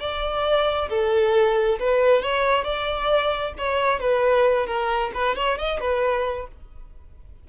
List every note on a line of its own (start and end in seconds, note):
0.00 0.90 D5
0.90 1.79 A4
1.80 2.23 B4
2.23 2.64 C#5
2.64 3.54 D5
3.58 4.00 C#5
4.00 4.67 B4
4.67 5.12 A#4
5.15 5.36 B4
5.36 5.58 C#5
5.58 5.80 D#5
5.80 6.48 B4